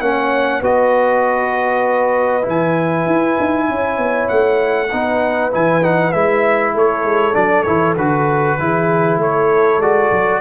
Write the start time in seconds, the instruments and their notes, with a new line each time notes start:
0.00 tuba A#3, trombone C#4, horn C#5, trumpet F#5
0.60 tuba B3, trombone F#4, horn B4, trumpet D#5
2.43 tuba E3, trombone E4
2.49 trumpet G#5
3.06 tuba E4
3.40 tuba D#4
3.69 tuba C#4, horn C#5
3.98 tuba B3
4.29 tuba A3, trumpet F#5
4.90 tuba B3, trombone D#4, horn B4
5.51 tuba E3, trombone E4, trumpet G#5
5.82 trombone D#4, trumpet F#5
6.12 tuba G#3, trombone E4, trumpet E5
6.74 tuba A3, horn A4, trumpet C#5
7.03 tuba G#3
7.33 tuba F#3, trombone D4, trumpet D5
7.63 tuba E3, trombone E4, trumpet C#5
7.97 tuba D3, trombone F#4, trumpet B4
8.59 tuba E3, trombone E4, horn G#4
9.18 tuba A3, horn A4, trumpet C#5
9.79 tuba G#3, trombone F#4, trumpet D5
10.11 tuba F#3